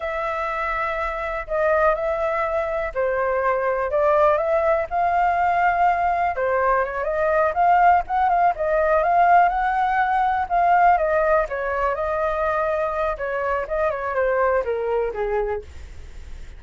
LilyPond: \new Staff \with { instrumentName = "flute" } { \time 4/4 \tempo 4 = 123 e''2. dis''4 | e''2 c''2 | d''4 e''4 f''2~ | f''4 c''4 cis''8 dis''4 f''8~ |
f''8 fis''8 f''8 dis''4 f''4 fis''8~ | fis''4. f''4 dis''4 cis''8~ | cis''8 dis''2~ dis''8 cis''4 | dis''8 cis''8 c''4 ais'4 gis'4 | }